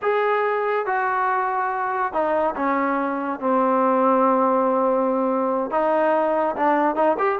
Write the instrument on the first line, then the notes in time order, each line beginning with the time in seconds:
trombone
0.02 G#4
0.86 F#4
2.12 D#4
2.55 C#4
3.40 C4
5.70 D#4
6.56 D4
6.95 D#4
7.18 G4